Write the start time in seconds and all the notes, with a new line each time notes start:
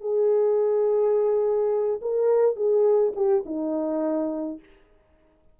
0.00 G#4
2.01 A#4
2.56 G#4
3.15 G4
3.45 D#4